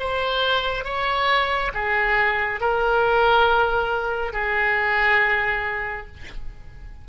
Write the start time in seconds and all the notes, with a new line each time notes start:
0.00 C5
0.85 C#5
1.75 G#4
2.61 A#4
4.33 G#4